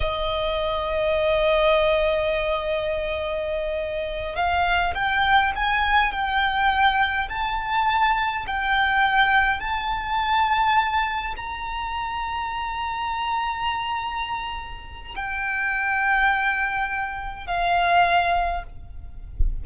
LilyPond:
\new Staff \with { instrumentName = "violin" } { \time 4/4 \tempo 4 = 103 dis''1~ | dis''2.~ dis''8 f''8~ | f''8 g''4 gis''4 g''4.~ | g''8 a''2 g''4.~ |
g''8 a''2. ais''8~ | ais''1~ | ais''2 g''2~ | g''2 f''2 | }